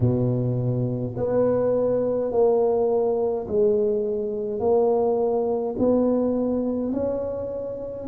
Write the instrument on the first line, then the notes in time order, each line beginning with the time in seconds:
tuba
0.00 B2
1.16 B3
2.31 A#3
3.48 G#3
4.59 A#3
5.78 B3
6.92 C#4